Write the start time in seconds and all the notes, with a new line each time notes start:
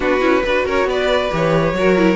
0.00 B3 D4 F#4 B4
0.20 C#4 E4
0.43 D4 F#4 B4
0.65 C#4 A#4 C#5
0.84 B3 B4 D5
1.31 E3 G4 C#5
1.72 F#3 F#4 A#4
1.97 E4